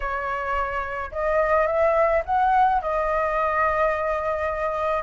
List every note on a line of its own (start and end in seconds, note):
0.00 1.10 C#5
1.11 1.66 D#5
1.66 2.22 E5
2.25 2.81 F#5
2.81 5.03 D#5